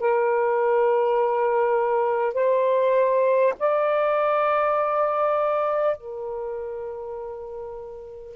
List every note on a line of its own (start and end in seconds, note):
0.00 2.34 A#4
2.34 3.54 C5
3.60 5.97 D5
5.97 8.36 A#4